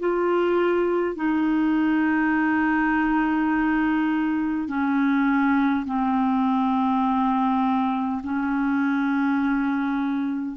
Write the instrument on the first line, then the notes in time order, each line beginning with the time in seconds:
clarinet
0.00 F4
1.16 D#4
4.68 C#4
5.87 C4
8.24 C#4